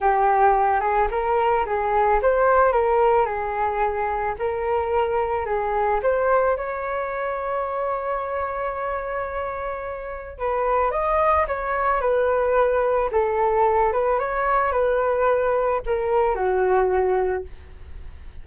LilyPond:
\new Staff \with { instrumentName = "flute" } { \time 4/4 \tempo 4 = 110 g'4. gis'8 ais'4 gis'4 | c''4 ais'4 gis'2 | ais'2 gis'4 c''4 | cis''1~ |
cis''2. b'4 | dis''4 cis''4 b'2 | a'4. b'8 cis''4 b'4~ | b'4 ais'4 fis'2 | }